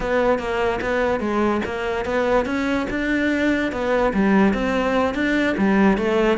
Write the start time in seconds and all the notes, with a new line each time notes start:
0.00 B3
0.38 A#3
0.81 B3
1.20 G#3
1.65 A#3
2.05 B3
2.45 C#4
2.90 D4
3.72 B3
4.13 G3
4.53 C4
5.14 D4
5.57 G3
5.97 A3